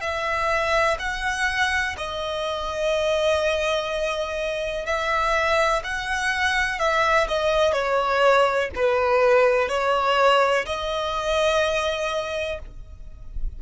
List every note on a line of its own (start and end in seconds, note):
0.00 0.97 E5
0.99 1.95 F#5
1.97 4.86 D#5
4.86 5.82 E5
5.84 6.79 F#5
6.79 7.27 E5
7.28 7.72 D#5
7.72 8.69 C#5
8.75 9.68 B4
9.68 10.65 C#5
10.65 12.59 D#5